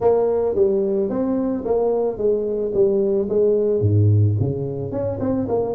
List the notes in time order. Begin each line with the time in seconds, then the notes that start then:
0.00 A#3
0.55 G3
1.09 C4
1.64 A#3
2.17 G#3
2.73 G3
3.29 G#3
3.80 G#2
4.39 C#3
4.91 C#4
5.20 C4
5.48 A#3